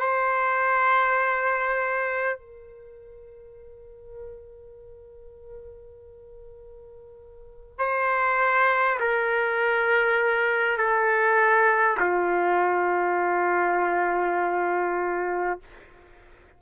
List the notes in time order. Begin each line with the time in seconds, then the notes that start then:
0.00 C5
2.39 A#4
7.78 C5
9.00 A#4
10.78 A4
12.00 F4